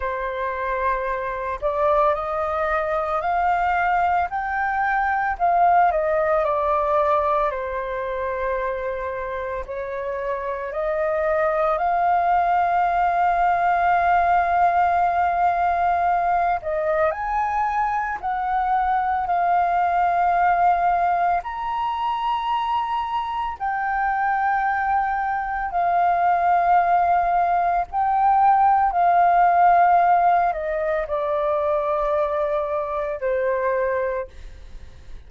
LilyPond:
\new Staff \with { instrumentName = "flute" } { \time 4/4 \tempo 4 = 56 c''4. d''8 dis''4 f''4 | g''4 f''8 dis''8 d''4 c''4~ | c''4 cis''4 dis''4 f''4~ | f''2.~ f''8 dis''8 |
gis''4 fis''4 f''2 | ais''2 g''2 | f''2 g''4 f''4~ | f''8 dis''8 d''2 c''4 | }